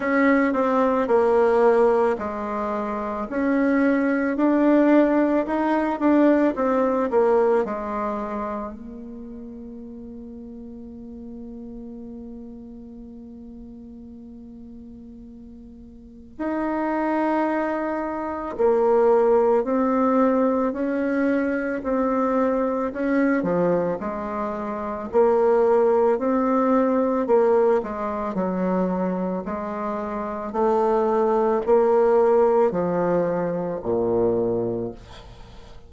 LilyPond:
\new Staff \with { instrumentName = "bassoon" } { \time 4/4 \tempo 4 = 55 cis'8 c'8 ais4 gis4 cis'4 | d'4 dis'8 d'8 c'8 ais8 gis4 | ais1~ | ais2. dis'4~ |
dis'4 ais4 c'4 cis'4 | c'4 cis'8 f8 gis4 ais4 | c'4 ais8 gis8 fis4 gis4 | a4 ais4 f4 ais,4 | }